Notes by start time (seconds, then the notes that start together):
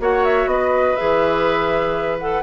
0.00 A#3 F#4 C#5 F#5
0.25 E5
0.46 B3 B4 D#5
0.96 E3 G#4 E5
2.19 A4 F#5